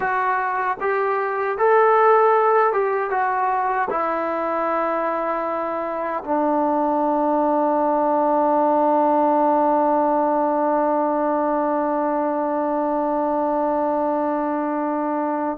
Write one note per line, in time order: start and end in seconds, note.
0.00 0.77 F#4
0.80 1.58 G4
1.58 2.72 A4
2.72 3.10 G4
3.10 3.88 F#4
3.90 6.23 E4
6.24 15.58 D4